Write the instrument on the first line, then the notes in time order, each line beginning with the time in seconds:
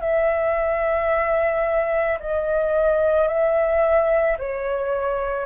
flute
0.00 E5
2.20 D#5
3.28 E5
4.38 C#5